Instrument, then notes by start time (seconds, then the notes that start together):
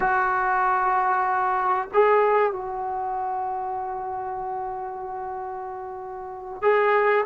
trombone
0.00 F#4
1.93 G#4
2.52 F#4
6.61 G#4